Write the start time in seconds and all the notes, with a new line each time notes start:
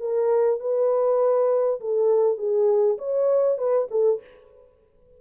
0.00 A#4
0.60 B4
1.81 A4
2.38 G#4
2.98 C#5
3.58 B4
3.91 A4